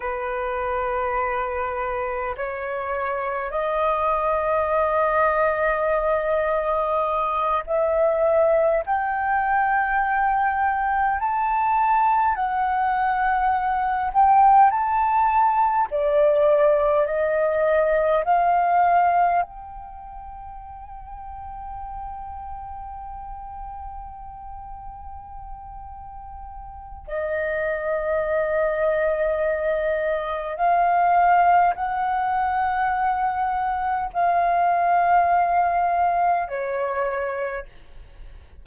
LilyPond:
\new Staff \with { instrumentName = "flute" } { \time 4/4 \tempo 4 = 51 b'2 cis''4 dis''4~ | dis''2~ dis''8 e''4 g''8~ | g''4. a''4 fis''4. | g''8 a''4 d''4 dis''4 f''8~ |
f''8 g''2.~ g''8~ | g''2. dis''4~ | dis''2 f''4 fis''4~ | fis''4 f''2 cis''4 | }